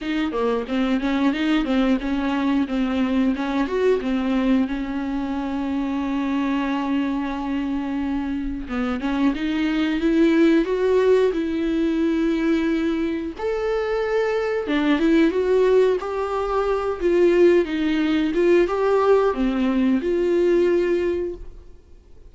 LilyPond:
\new Staff \with { instrumentName = "viola" } { \time 4/4 \tempo 4 = 90 dis'8 ais8 c'8 cis'8 dis'8 c'8 cis'4 | c'4 cis'8 fis'8 c'4 cis'4~ | cis'1~ | cis'4 b8 cis'8 dis'4 e'4 |
fis'4 e'2. | a'2 d'8 e'8 fis'4 | g'4. f'4 dis'4 f'8 | g'4 c'4 f'2 | }